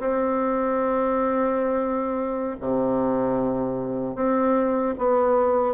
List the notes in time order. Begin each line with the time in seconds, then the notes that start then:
0.00 C4
2.60 C3
4.16 C4
4.98 B3